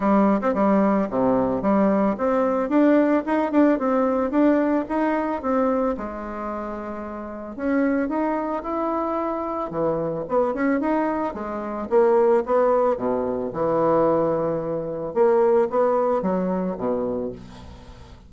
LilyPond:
\new Staff \with { instrumentName = "bassoon" } { \time 4/4 \tempo 4 = 111 g8. c'16 g4 c4 g4 | c'4 d'4 dis'8 d'8 c'4 | d'4 dis'4 c'4 gis4~ | gis2 cis'4 dis'4 |
e'2 e4 b8 cis'8 | dis'4 gis4 ais4 b4 | b,4 e2. | ais4 b4 fis4 b,4 | }